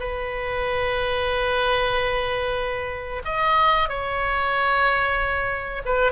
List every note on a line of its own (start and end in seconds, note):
0.00 3.23 B4
3.25 3.89 D#5
3.89 5.83 C#5
5.85 6.13 B4